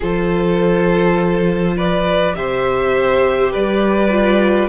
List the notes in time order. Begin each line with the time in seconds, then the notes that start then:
0.00 F3 F4 A4 C5
1.76 B4 D5
2.35 C3 G4 C5 E5
3.51 G3 B4 D5
4.10 F4